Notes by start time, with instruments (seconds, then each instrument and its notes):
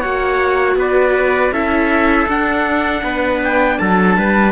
0.00 cello A#3, viola F#4, trumpet C#5 F#5
0.75 cello B3, trumpet B4 D5
1.51 cello C#4, viola E4, trumpet A4 E5
2.28 cello D4, viola D4, trumpet F#5
3.03 cello B3, trumpet B4
3.44 trumpet G5
3.78 cello F#3, trumpet A4 A5
4.17 cello G3, trumpet B4